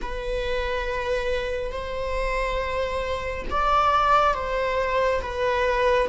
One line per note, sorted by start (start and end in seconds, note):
0.01 1.71 B4
1.71 3.45 C5
3.50 4.34 D5
4.34 5.21 C5
5.21 6.08 B4